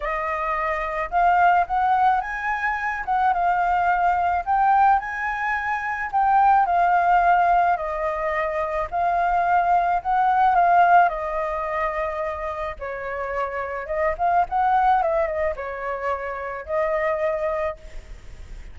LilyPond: \new Staff \with { instrumentName = "flute" } { \time 4/4 \tempo 4 = 108 dis''2 f''4 fis''4 | gis''4. fis''8 f''2 | g''4 gis''2 g''4 | f''2 dis''2 |
f''2 fis''4 f''4 | dis''2. cis''4~ | cis''4 dis''8 f''8 fis''4 e''8 dis''8 | cis''2 dis''2 | }